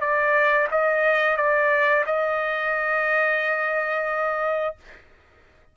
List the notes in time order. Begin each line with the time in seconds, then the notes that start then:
0.00 D5
0.71 D#5
1.36 D5
2.06 D#5